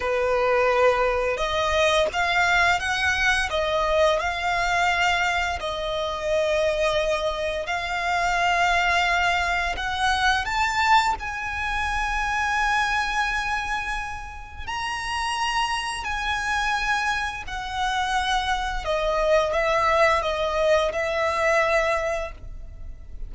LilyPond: \new Staff \with { instrumentName = "violin" } { \time 4/4 \tempo 4 = 86 b'2 dis''4 f''4 | fis''4 dis''4 f''2 | dis''2. f''4~ | f''2 fis''4 a''4 |
gis''1~ | gis''4 ais''2 gis''4~ | gis''4 fis''2 dis''4 | e''4 dis''4 e''2 | }